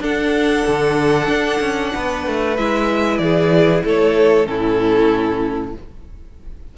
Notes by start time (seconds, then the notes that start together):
0.00 D4 A4 F#5
0.67 D3
1.28 D4
1.60 C#4
1.94 B3 B4
2.27 A3
2.57 G#3 E4 E5
3.18 E3 G#4 D5
3.85 A3 A4 C#5
4.44 A2 C#4 E4 A4